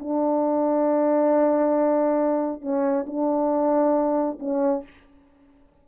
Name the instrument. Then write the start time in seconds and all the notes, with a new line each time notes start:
horn
0.00 D4
2.62 C#4
3.07 D4
4.40 C#4